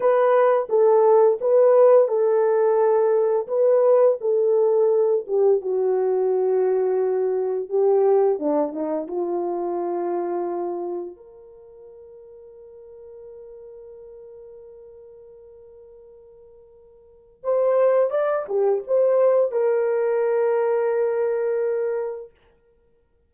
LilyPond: \new Staff \with { instrumentName = "horn" } { \time 4/4 \tempo 4 = 86 b'4 a'4 b'4 a'4~ | a'4 b'4 a'4. g'8 | fis'2. g'4 | d'8 dis'8 f'2. |
ais'1~ | ais'1~ | ais'4 c''4 d''8 g'8 c''4 | ais'1 | }